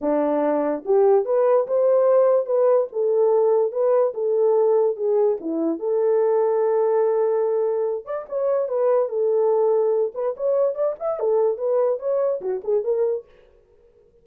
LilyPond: \new Staff \with { instrumentName = "horn" } { \time 4/4 \tempo 4 = 145 d'2 g'4 b'4 | c''2 b'4 a'4~ | a'4 b'4 a'2 | gis'4 e'4 a'2~ |
a'2.~ a'8 d''8 | cis''4 b'4 a'2~ | a'8 b'8 cis''4 d''8 e''8 a'4 | b'4 cis''4 fis'8 gis'8 ais'4 | }